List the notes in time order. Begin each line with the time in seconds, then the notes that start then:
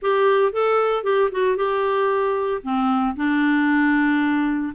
0.01 G4
0.52 A4
1.03 G4
1.31 F#4
1.56 G4
2.62 C4
3.16 D4